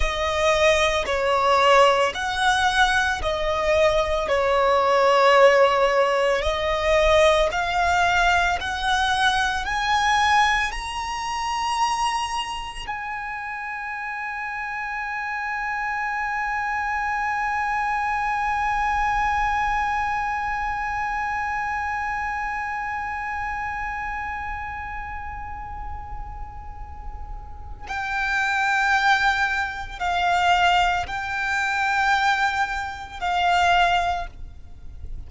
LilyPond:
\new Staff \with { instrumentName = "violin" } { \time 4/4 \tempo 4 = 56 dis''4 cis''4 fis''4 dis''4 | cis''2 dis''4 f''4 | fis''4 gis''4 ais''2 | gis''1~ |
gis''1~ | gis''1~ | gis''2 g''2 | f''4 g''2 f''4 | }